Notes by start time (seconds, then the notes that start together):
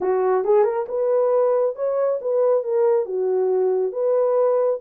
0.00 F#4
0.44 G#4
0.64 A#4
0.88 B4
1.75 C#5
2.21 B4
2.63 A#4
3.05 F#4
3.92 B4